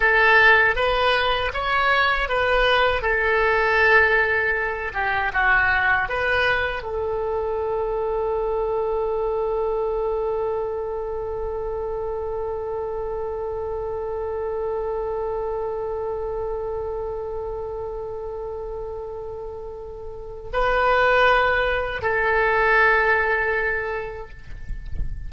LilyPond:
\new Staff \with { instrumentName = "oboe" } { \time 4/4 \tempo 4 = 79 a'4 b'4 cis''4 b'4 | a'2~ a'8 g'8 fis'4 | b'4 a'2.~ | a'1~ |
a'1~ | a'1~ | a'2. b'4~ | b'4 a'2. | }